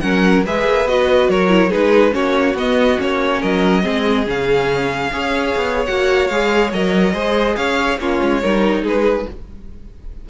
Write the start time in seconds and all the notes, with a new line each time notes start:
0.00 F#3 C#4 A#4 F#5
0.45 G#3 G#4 B4 E5
0.65 A#3
0.85 B3 F#4 D#5
1.28 F#3 A#4 C#5
1.48 E4
1.69 G#3 D#4 G#4 B4
2.11 A#3 C#4 F#4 C#5
2.54 B3 D#5
2.97 A#3 C#4 C#5
3.39 F#3 A#4 D#5
3.82 G#3 C4 G#4
4.26 C#3 C#4 F5
5.12 C#4 G#4 C#5
5.55 B3
5.85 A#3 F#4 F#5
6.27 G#3 G#4 F5
6.73 F#3 A#4 D#5
7.13 G#3 G#4 C5
7.56 C#4 C#5 F5
7.98 A#3 C#4 F4 C#5
8.21 G#3
8.41 G3 D#4 A#4
8.83 G#3 G#4 B4